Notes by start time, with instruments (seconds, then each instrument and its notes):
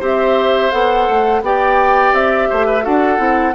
0.00 bassoon C4, clarinet G4, oboe C5, flute E5
0.71 bassoon B3, clarinet A4, flute F#5
1.09 bassoon A3
1.42 bassoon B3, clarinet G4, oboe D5, flute G5
2.13 bassoon C4, flute E5
2.49 bassoon A3, oboe C5
2.66 oboe B4
2.82 bassoon D4, clarinet F#4, oboe A4, flute F#5
3.17 bassoon C4, clarinet E4